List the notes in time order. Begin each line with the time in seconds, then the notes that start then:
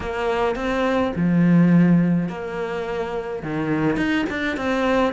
0.00 A#3
0.55 C4
1.15 F3
2.29 A#3
3.42 D#3
3.96 D#4
4.29 D4
4.56 C4